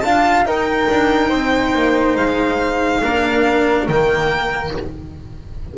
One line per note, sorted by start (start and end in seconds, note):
0.00 0.45 D4
0.00 0.45 F4
0.00 0.47 F5
0.00 0.43 A5
0.45 0.88 D#4
0.45 3.02 D#4
0.45 1.29 A#4
0.45 2.16 G5
0.90 1.31 D4
1.29 1.74 C4
1.29 3.00 C5
1.74 2.16 A#3
2.16 3.02 G#3
2.16 3.88 F5
3.02 3.89 A#3
3.02 3.88 D4
3.02 4.73 A#4
3.88 4.74 D#3
3.88 4.77 A#3
3.88 4.74 G5